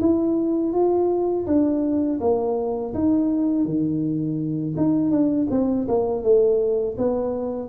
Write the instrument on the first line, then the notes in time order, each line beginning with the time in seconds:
tuba
0.00 E4
0.73 F4
1.46 D4
2.20 A#3
2.94 D#4
3.65 D#3
4.77 D#4
5.11 D4
5.50 C4
5.88 A#3
6.23 A3
6.97 B3